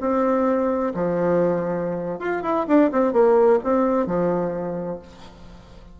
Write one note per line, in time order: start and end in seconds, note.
0.00 0.93 C4
0.94 2.19 F3
2.19 2.42 F4
2.42 2.66 E4
2.67 2.90 D4
2.92 3.12 C4
3.12 3.59 A#3
3.64 4.06 C4
4.06 4.99 F3